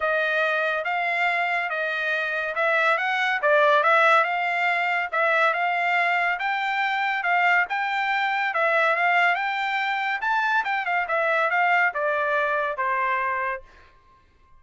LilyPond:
\new Staff \with { instrumentName = "trumpet" } { \time 4/4 \tempo 4 = 141 dis''2 f''2 | dis''2 e''4 fis''4 | d''4 e''4 f''2 | e''4 f''2 g''4~ |
g''4 f''4 g''2 | e''4 f''4 g''2 | a''4 g''8 f''8 e''4 f''4 | d''2 c''2 | }